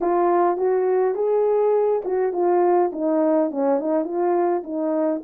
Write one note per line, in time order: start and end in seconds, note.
0.01 0.57 F4
0.57 1.14 F#4
1.14 2.02 G#4
2.04 2.32 F#4
2.32 2.91 F4
2.92 3.50 D#4
3.50 3.79 C#4
3.79 4.04 D#4
4.04 4.62 F4
4.63 5.22 D#4